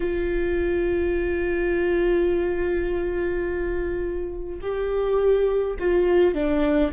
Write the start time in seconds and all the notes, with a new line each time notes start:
0.00 F4
4.62 G4
5.79 F4
6.34 D4